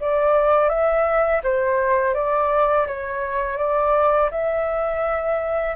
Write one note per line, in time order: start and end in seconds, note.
0.00 0.69 D5
0.69 1.41 E5
1.44 2.14 C5
2.14 2.87 D5
2.87 3.58 C#5
3.58 4.30 D5
4.31 5.75 E5